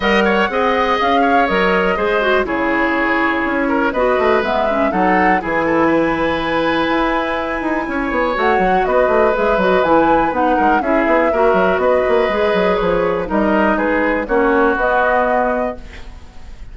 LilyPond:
<<
  \new Staff \with { instrumentName = "flute" } { \time 4/4 \tempo 4 = 122 fis''2 f''4 dis''4~ | dis''4 cis''2. | dis''4 e''4 fis''4 gis''4~ | gis''1~ |
gis''4 fis''4 dis''4 e''8 dis''8 | gis''4 fis''4 e''2 | dis''2 cis''4 dis''4 | b'4 cis''4 dis''2 | }
  \new Staff \with { instrumentName = "oboe" } { \time 4/4 dis''8 cis''8 dis''4. cis''4. | c''4 gis'2~ gis'8 ais'8 | b'2 a'4 gis'8 a'8 | b'1 |
cis''2 b'2~ | b'4. ais'8 gis'4 ais'4 | b'2. ais'4 | gis'4 fis'2. | }
  \new Staff \with { instrumentName = "clarinet" } { \time 4/4 ais'4 gis'2 ais'4 | gis'8 fis'8 e'2. | fis'4 b8 cis'8 dis'4 e'4~ | e'1~ |
e'4 fis'2 gis'8 fis'8 | e'4 dis'4 e'4 fis'4~ | fis'4 gis'2 dis'4~ | dis'4 cis'4 b2 | }
  \new Staff \with { instrumentName = "bassoon" } { \time 4/4 g4 c'4 cis'4 fis4 | gis4 cis2 cis'4 | b8 a8 gis4 fis4 e4~ | e2 e'4. dis'8 |
cis'8 b8 a8 fis8 b8 a8 gis8 fis8 | e4 b8 gis8 cis'8 b8 ais8 fis8 | b8 ais8 gis8 fis8 f4 g4 | gis4 ais4 b2 | }
>>